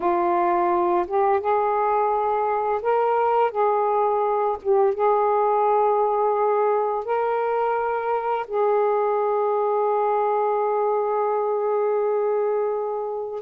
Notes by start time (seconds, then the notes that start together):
0.00 F4
1.07 G4
1.40 G#4
2.82 A#4
3.51 G#4
4.61 G4
4.94 G#4
7.04 A#4
8.47 G#4